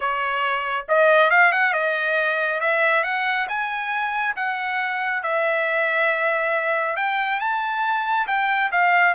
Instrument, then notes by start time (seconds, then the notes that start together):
trumpet
0.00 C#5
0.88 D#5
1.30 F5
1.51 F#5
1.73 D#5
2.60 E5
3.03 F#5
3.48 G#5
4.36 F#5
5.23 E5
6.96 G5
7.39 A5
8.27 G5
8.71 F5